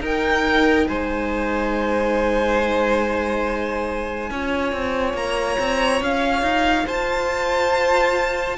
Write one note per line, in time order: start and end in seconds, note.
0.00 0.86 D#4
0.00 4.30 D#4
0.00 0.87 A#4
0.00 0.88 G5
0.87 4.30 G#3
0.87 4.30 C5
0.87 5.16 G#5
4.30 4.72 C#4
4.30 8.58 F4
4.30 6.86 C#5
4.72 5.14 C4
5.14 5.57 A#3
5.14 6.02 A#5
5.59 6.01 C4
6.01 6.42 C#4
6.01 6.88 F5
6.42 6.85 D#4
6.86 8.58 F4
6.86 8.57 C5
6.86 8.58 A5